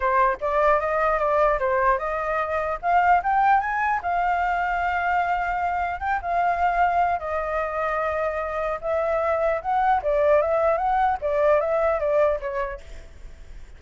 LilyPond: \new Staff \with { instrumentName = "flute" } { \time 4/4 \tempo 4 = 150 c''4 d''4 dis''4 d''4 | c''4 dis''2 f''4 | g''4 gis''4 f''2~ | f''2. g''8 f''8~ |
f''2 dis''2~ | dis''2 e''2 | fis''4 d''4 e''4 fis''4 | d''4 e''4 d''4 cis''4 | }